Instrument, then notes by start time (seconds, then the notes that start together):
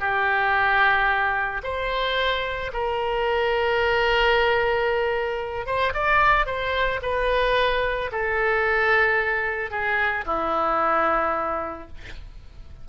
oboe
0.00 G4
1.64 C5
2.73 A#4
5.66 C5
5.94 D5
6.46 C5
7.03 B4
8.12 A4
9.71 G#4
10.26 E4